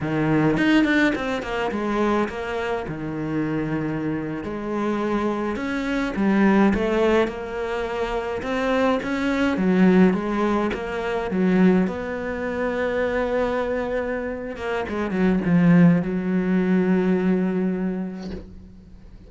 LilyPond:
\new Staff \with { instrumentName = "cello" } { \time 4/4 \tempo 4 = 105 dis4 dis'8 d'8 c'8 ais8 gis4 | ais4 dis2~ dis8. gis16~ | gis4.~ gis16 cis'4 g4 a16~ | a8. ais2 c'4 cis'16~ |
cis'8. fis4 gis4 ais4 fis16~ | fis8. b2.~ b16~ | b4. ais8 gis8 fis8 f4 | fis1 | }